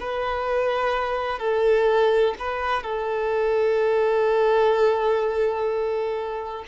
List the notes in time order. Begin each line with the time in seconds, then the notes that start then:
0.00 B4
1.39 A4
2.39 B4
2.83 A4